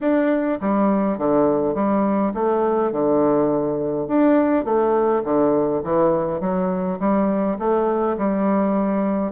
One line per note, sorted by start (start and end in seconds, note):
0.00 0.59 D4
0.60 1.18 G3
1.18 1.74 D3
1.74 2.32 G3
2.34 2.92 A3
2.92 4.07 D3
4.07 4.64 D4
4.64 5.23 A3
5.24 5.82 D3
5.83 6.40 E3
6.40 6.98 F#3
6.99 7.57 G3
7.58 8.17 A3
8.17 9.32 G3